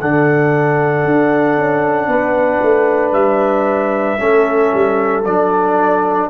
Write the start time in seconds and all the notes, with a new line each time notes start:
0.00 D3 D4 A4 F#5
1.04 D4
1.57 C#4
2.07 B3 B4
2.61 A3
3.12 G3 E5
4.18 A3 C#4 A4
4.73 G3
5.24 F#3 D4 D5